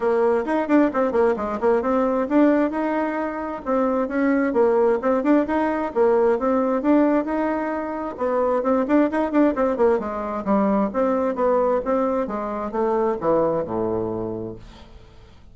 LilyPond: \new Staff \with { instrumentName = "bassoon" } { \time 4/4 \tempo 4 = 132 ais4 dis'8 d'8 c'8 ais8 gis8 ais8 | c'4 d'4 dis'2 | c'4 cis'4 ais4 c'8 d'8 | dis'4 ais4 c'4 d'4 |
dis'2 b4 c'8 d'8 | dis'8 d'8 c'8 ais8 gis4 g4 | c'4 b4 c'4 gis4 | a4 e4 a,2 | }